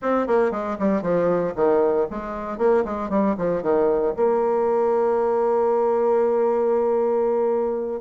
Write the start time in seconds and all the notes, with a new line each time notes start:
0.01 C4
0.27 A#3
0.51 G#3
0.78 G3
1.01 F3
1.55 D#3
2.10 G#3
2.57 A#3
2.84 G#3
3.09 G3
3.37 F3
3.62 D#3
4.16 A#3